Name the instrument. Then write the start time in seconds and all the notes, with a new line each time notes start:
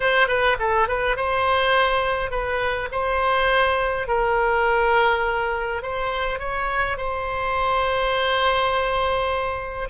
oboe
0.00 C5
0.27 B4
0.59 A4
0.88 B4
1.16 C5
2.30 B4
2.91 C5
4.07 A#4
5.82 C5
6.39 C#5
6.97 C5